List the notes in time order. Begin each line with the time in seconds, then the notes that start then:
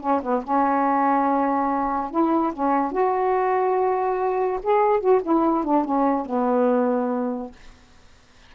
0.00 C#4
0.22 B3
0.44 C#4
2.11 E4
2.53 C#4
2.92 F#4
4.63 G#4
5.00 F#4
5.22 E4
5.64 D4
5.84 C#4
6.26 B3